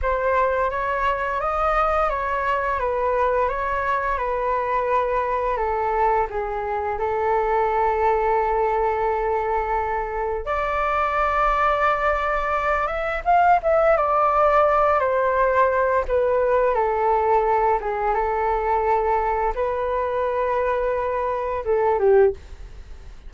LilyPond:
\new Staff \with { instrumentName = "flute" } { \time 4/4 \tempo 4 = 86 c''4 cis''4 dis''4 cis''4 | b'4 cis''4 b'2 | a'4 gis'4 a'2~ | a'2. d''4~ |
d''2~ d''8 e''8 f''8 e''8 | d''4. c''4. b'4 | a'4. gis'8 a'2 | b'2. a'8 g'8 | }